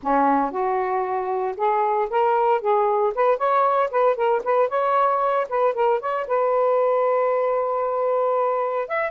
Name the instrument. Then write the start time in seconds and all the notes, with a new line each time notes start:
saxophone
0.03 C#4
0.51 F#4
1.56 G#4
2.10 A#4
2.61 G#4
3.14 B4
3.37 C#5
3.90 B4
4.15 A#4
4.43 B4
4.68 C#5
5.49 B4
5.74 A#4
6.00 C#5
6.27 B4
8.88 E5